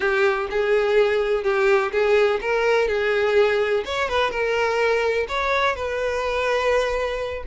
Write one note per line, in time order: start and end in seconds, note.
0.00 0.47 G4
0.50 1.43 G#4
1.43 1.91 G4
1.92 2.40 G#4
2.41 2.88 A#4
2.88 3.84 G#4
3.85 4.08 C#5
4.08 4.30 B4
4.30 5.26 A#4
5.28 5.75 C#5
5.75 7.43 B4